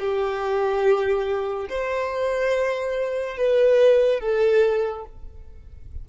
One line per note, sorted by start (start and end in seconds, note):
0.00 1.69 G4
1.70 3.38 C5
3.38 4.21 B4
4.21 5.05 A4